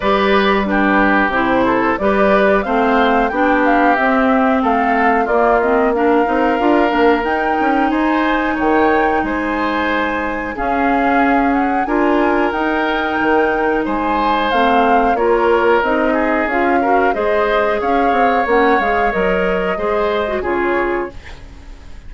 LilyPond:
<<
  \new Staff \with { instrumentName = "flute" } { \time 4/4 \tempo 4 = 91 d''4 b'4 c''4 d''4 | f''4 g''8 f''8 e''4 f''4 | d''8 dis''8 f''2 g''4 | gis''4 g''4 gis''2 |
f''4. fis''8 gis''4 g''4~ | g''4 gis''4 f''4 cis''4 | dis''4 f''4 dis''4 f''4 | fis''8 f''8 dis''2 cis''4 | }
  \new Staff \with { instrumentName = "oboe" } { \time 4/4 b'4 g'4. a'8 b'4 | c''4 g'2 a'4 | f'4 ais'2. | c''4 cis''4 c''2 |
gis'2 ais'2~ | ais'4 c''2 ais'4~ | ais'8 gis'4 ais'8 c''4 cis''4~ | cis''2 c''4 gis'4 | }
  \new Staff \with { instrumentName = "clarinet" } { \time 4/4 g'4 d'4 e'4 g'4 | c'4 d'4 c'2 | ais8 c'8 d'8 dis'8 f'8 d'8 dis'4~ | dis'1 |
cis'2 f'4 dis'4~ | dis'2 c'4 f'4 | dis'4 f'8 fis'8 gis'2 | cis'8 gis'8 ais'4 gis'8. fis'16 f'4 | }
  \new Staff \with { instrumentName = "bassoon" } { \time 4/4 g2 c4 g4 | a4 b4 c'4 a4 | ais4. c'8 d'8 ais8 dis'8 cis'8 | dis'4 dis4 gis2 |
cis'2 d'4 dis'4 | dis4 gis4 a4 ais4 | c'4 cis'4 gis4 cis'8 c'8 | ais8 gis8 fis4 gis4 cis4 | }
>>